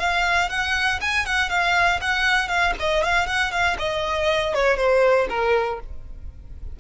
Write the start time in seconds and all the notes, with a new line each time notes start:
0.00 F5
0.50 F#5
1.02 G#5
1.26 F#5
1.50 F5
2.01 F#5
2.49 F5
2.80 D#5
3.04 F5
3.27 F#5
3.52 F5
3.79 D#5
4.55 C#5
4.78 C5
5.30 A#4